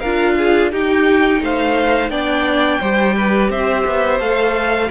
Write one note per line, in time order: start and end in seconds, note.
0.00 0.72 D4
0.00 0.72 F4
0.00 0.35 A#4
0.00 0.70 F5
0.38 0.72 G#4
0.72 2.11 D#4
0.72 1.41 D#4
0.72 1.42 G4
0.72 1.43 G5
1.41 2.10 A3
1.41 2.11 C5
1.41 2.10 F5
2.10 2.80 B3
2.10 2.80 D4
2.10 2.80 D5
2.10 3.49 G5
2.80 3.50 G3
2.80 4.20 G4
2.80 3.15 C5
3.17 3.51 B4
3.50 3.85 C4
3.50 4.90 C5
3.50 4.20 E5
3.86 4.20 B3
4.20 4.90 A3
4.20 4.90 A4
4.20 4.90 F5